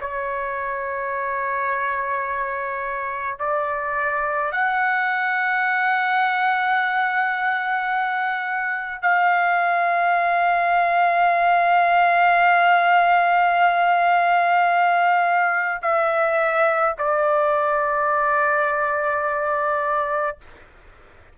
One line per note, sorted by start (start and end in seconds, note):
0.00 3.39 C#5
3.39 4.51 D5
4.51 9.02 F#5
9.02 15.81 F5
15.82 16.95 E5
16.98 20.37 D5